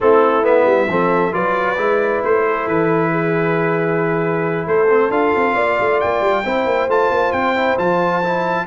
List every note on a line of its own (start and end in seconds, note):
0.00 0.65 A3
0.00 0.43 C4
0.00 0.90 E4
0.00 0.44 A4
0.43 0.87 B3
0.43 1.33 E5
0.65 0.87 G3
0.88 1.32 F3
0.88 1.32 C4
0.88 1.33 A4
1.32 1.77 F#3
1.32 1.76 F4
1.32 2.44 B4
1.32 2.22 D5
1.77 2.22 G#3
1.77 4.88 E4
2.24 2.67 A3
2.24 2.67 C5
2.47 3.11 A4
2.67 4.66 E3
2.67 4.67 B4
3.11 4.66 G#4
4.66 5.10 A3
4.66 5.53 A4
4.66 5.11 C5
4.89 5.10 C4
5.10 5.32 D4
5.10 6.44 F4
5.10 6.00 F5
5.35 5.56 C4
5.53 5.78 A#3
5.53 6.42 D5
5.79 6.02 A3
6.00 6.21 A#3
6.00 6.89 G5
6.21 6.43 G3
6.44 6.65 C4
6.44 6.89 E4
6.44 8.66 C5
6.65 6.87 A#3
6.87 7.09 A3
6.87 7.56 F4
6.87 7.32 A5
7.09 7.32 A#3
7.32 7.76 C4
7.32 7.76 G5
7.56 7.78 E4
7.78 8.66 F3
7.78 8.22 F4
7.78 8.66 A5
8.23 8.66 E4